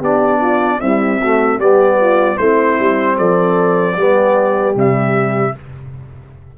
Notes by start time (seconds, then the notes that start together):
0.00 B3 D4 G4 D5
0.41 F4
0.80 G3 C4 E4 E5
1.21 A3 F#4
1.58 G3 B3 G4 D5
2.01 F4
2.38 A3 C4 E4 C5
2.79 G3
3.17 F3 A4 D5
3.97 G3 B3 G4
4.74 C3 G3 E5